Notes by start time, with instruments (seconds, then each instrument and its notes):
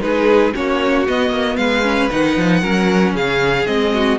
0.00 cello G#3, viola D#4, violin G#4 B4
0.54 cello A#3, viola C#4, violin F#4 C#5
1.06 viola B3, cello B3, violin D#5
1.30 cello A#3
1.56 cello G#3, violin B4 F5
1.83 viola C#4
2.10 cello D#3, viola D#4, violin F#5
2.37 cello F3
2.61 cello F#3, viola C#4, violin A#4
3.14 cello C#3, violin G#4 F5
3.66 cello G#3, viola C4, violin D#5
3.93 violin F#4